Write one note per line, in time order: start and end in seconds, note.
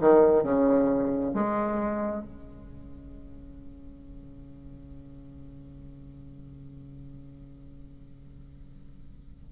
0.00 0.43 D#3
0.43 1.34 C#3
1.34 2.24 G#3
2.24 9.52 C#3